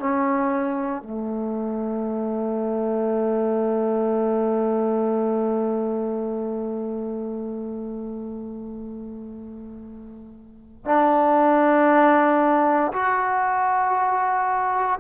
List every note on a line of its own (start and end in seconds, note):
0.00 1.03 C#4
1.03 10.86 A3
10.86 12.93 D4
12.93 15.00 F#4